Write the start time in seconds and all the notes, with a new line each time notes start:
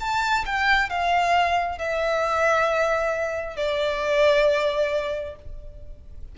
0.00 A5
0.46 G5
0.90 F5
1.78 E5
3.57 D5